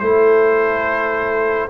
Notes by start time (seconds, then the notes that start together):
0.00 A3 E4 A4 C5